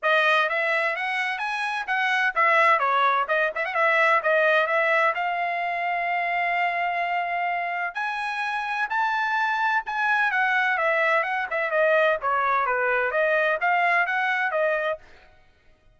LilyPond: \new Staff \with { instrumentName = "trumpet" } { \time 4/4 \tempo 4 = 128 dis''4 e''4 fis''4 gis''4 | fis''4 e''4 cis''4 dis''8 e''16 fis''16 | e''4 dis''4 e''4 f''4~ | f''1~ |
f''4 gis''2 a''4~ | a''4 gis''4 fis''4 e''4 | fis''8 e''8 dis''4 cis''4 b'4 | dis''4 f''4 fis''4 dis''4 | }